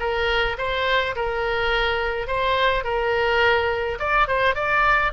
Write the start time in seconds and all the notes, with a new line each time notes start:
0.00 A#4
0.58 C5
1.16 A#4
2.28 C5
2.84 A#4
4.00 D5
4.28 C5
4.55 D5